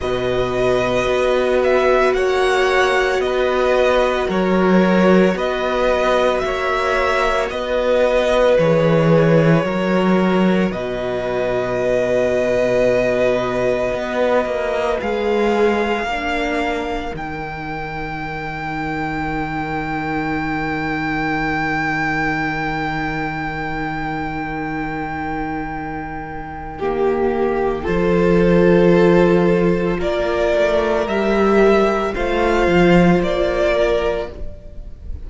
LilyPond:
<<
  \new Staff \with { instrumentName = "violin" } { \time 4/4 \tempo 4 = 56 dis''4. e''8 fis''4 dis''4 | cis''4 dis''4 e''4 dis''4 | cis''2 dis''2~ | dis''2 f''2 |
g''1~ | g''1~ | g''2 c''2 | d''4 e''4 f''4 d''4 | }
  \new Staff \with { instrumentName = "violin" } { \time 4/4 b'2 cis''4 b'4 | ais'4 b'4 cis''4 b'4~ | b'4 ais'4 b'2~ | b'2. ais'4~ |
ais'1~ | ais'1~ | ais'4 g'4 a'2 | ais'2 c''4. ais'8 | }
  \new Staff \with { instrumentName = "viola" } { \time 4/4 fis'1~ | fis'1 | gis'4 fis'2.~ | fis'2 gis'4 d'4 |
dis'1~ | dis'1~ | dis'4 ais4 f'2~ | f'4 g'4 f'2 | }
  \new Staff \with { instrumentName = "cello" } { \time 4/4 b,4 b4 ais4 b4 | fis4 b4 ais4 b4 | e4 fis4 b,2~ | b,4 b8 ais8 gis4 ais4 |
dis1~ | dis1~ | dis2 f2 | ais8 a8 g4 a8 f8 ais4 | }
>>